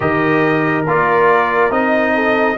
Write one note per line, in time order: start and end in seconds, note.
0.00 0.86 D#3
0.00 0.84 G4
0.00 2.14 A#4
0.00 0.85 D#5
0.86 1.70 A#3
0.86 1.70 F4
0.86 1.71 D5
1.70 2.56 C4
1.70 2.56 D#4
1.70 2.57 D#5
2.14 2.57 A4